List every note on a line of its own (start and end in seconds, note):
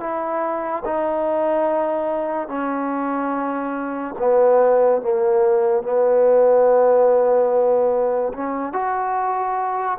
0.00 0.83 E4
0.85 2.48 D#4
2.48 4.15 C#4
4.19 5.02 B3
5.02 5.83 A#3
5.83 8.33 B3
8.34 8.73 C#4
8.73 9.98 F#4